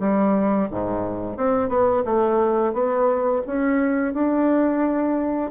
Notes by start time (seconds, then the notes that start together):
0.00 G3
0.71 G#2
1.37 C4
1.69 B3
2.05 A3
2.73 B3
3.47 C#4
4.14 D4